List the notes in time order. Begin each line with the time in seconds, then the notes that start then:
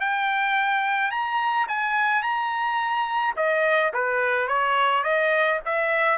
0.00 G5
1.11 A#5
1.68 G#5
2.23 A#5
3.36 D#5
3.93 B4
4.48 C#5
5.04 D#5
5.65 E5